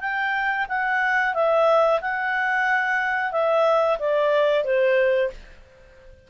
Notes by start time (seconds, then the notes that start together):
0.00 G5
0.68 F#5
1.34 E5
2.01 F#5
3.32 E5
3.99 D5
4.64 C5